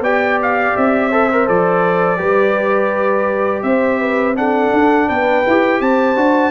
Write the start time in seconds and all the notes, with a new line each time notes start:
0.00 B3 G4 D5 G5
0.42 F5
0.76 C4 E5
1.09 A4 C5
1.32 A#4
1.47 F3 A4 D5
2.17 G3 G4 B4
3.62 C4 C5 E5
4.00 B4
4.36 D4 A4 F#5
4.73 D4
5.08 B3 B4 G5
5.47 E4 G4
5.80 C4 C5 A5
6.16 D4 F#4